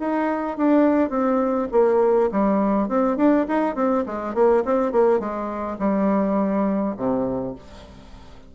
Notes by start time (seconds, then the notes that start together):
0.00 D#4
0.57 D4
1.10 C4
1.72 A#3
2.32 G3
2.89 C4
3.17 D4
3.48 D#4
3.75 C4
4.07 G#3
4.35 A#3
4.65 C4
4.92 A#3
5.20 G#3
5.79 G3
6.97 C3